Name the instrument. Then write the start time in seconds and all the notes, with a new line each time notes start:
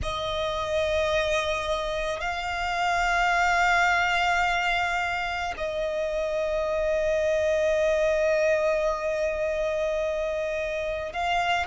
violin
0.02 D#5
2.20 F5
5.57 D#5
11.13 F5